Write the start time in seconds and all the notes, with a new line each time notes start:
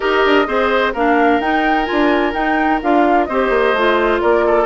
0.00 D#4 G4 A#4 D#5
0.25 D4
0.46 C4 G#4 C5
0.93 A#3 D4 A#4 F5
1.39 D#4 G5
1.85 F4 G#5
1.91 D4
2.33 D#4 G5
2.81 D4 F4 F5
3.25 C4 C5 D#5
3.31 G4
3.49 A#3
3.73 A3 F4
4.20 A#3 A#4 D5
4.46 A4